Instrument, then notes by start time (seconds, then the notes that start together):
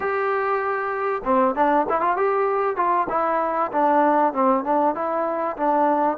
trombone
0.00 G4
1.24 C4
1.55 D4
1.89 E4
2.00 F4
2.16 G4
2.76 F4
3.09 E4
3.71 D4
4.33 C4
4.64 D4
4.94 E4
5.56 D4